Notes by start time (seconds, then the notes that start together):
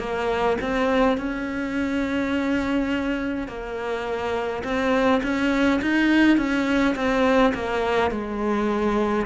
0.00 A#3
0.61 C4
1.18 C#4
3.48 A#3
4.64 C4
5.23 C#4
5.82 D#4
6.38 C#4
6.96 C4
7.55 A#3
8.11 G#3